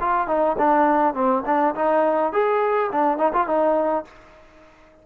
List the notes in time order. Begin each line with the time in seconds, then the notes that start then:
0.00 F4
0.27 D#4
0.58 D4
1.14 C4
1.46 D4
1.75 D#4
2.33 G#4
2.92 D4
3.18 D#4
3.33 F4
3.47 D#4